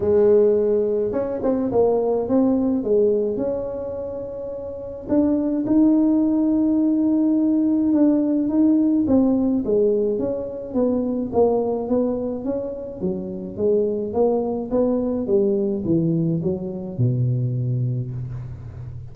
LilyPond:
\new Staff \with { instrumentName = "tuba" } { \time 4/4 \tempo 4 = 106 gis2 cis'8 c'8 ais4 | c'4 gis4 cis'2~ | cis'4 d'4 dis'2~ | dis'2 d'4 dis'4 |
c'4 gis4 cis'4 b4 | ais4 b4 cis'4 fis4 | gis4 ais4 b4 g4 | e4 fis4 b,2 | }